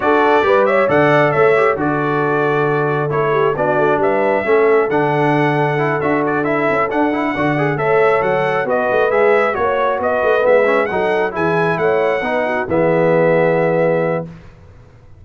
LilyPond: <<
  \new Staff \with { instrumentName = "trumpet" } { \time 4/4 \tempo 4 = 135 d''4. e''8 fis''4 e''4 | d''2. cis''4 | d''4 e''2 fis''4~ | fis''4. e''8 d''8 e''4 fis''8~ |
fis''4. e''4 fis''4 dis''8~ | dis''8 e''4 cis''4 dis''4 e''8~ | e''8 fis''4 gis''4 fis''4.~ | fis''8 e''2.~ e''8 | }
  \new Staff \with { instrumentName = "horn" } { \time 4/4 a'4 b'8 cis''8 d''4 cis''4 | a'2.~ a'8 g'8 | fis'4 b'4 a'2~ | a'1~ |
a'8 d''4 cis''2 b'8~ | b'4. cis''4 b'4.~ | b'8 a'4 gis'4 cis''4 b'8 | fis'8 gis'2.~ gis'8 | }
  \new Staff \with { instrumentName = "trombone" } { \time 4/4 fis'4 g'4 a'4. g'8 | fis'2. e'4 | d'2 cis'4 d'4~ | d'4 e'8 fis'4 e'4 d'8 |
e'8 fis'8 gis'8 a'2 fis'8~ | fis'8 gis'4 fis'2 b8 | cis'8 dis'4 e'2 dis'8~ | dis'8 b2.~ b8 | }
  \new Staff \with { instrumentName = "tuba" } { \time 4/4 d'4 g4 d4 a4 | d2. a4 | b8 a8 g4 a4 d4~ | d4. d'4. cis'8 d'8~ |
d'8 d4 a4 fis4 b8 | a8 gis4 ais4 b8 a8 gis8~ | gis8 fis4 e4 a4 b8~ | b8 e2.~ e8 | }
>>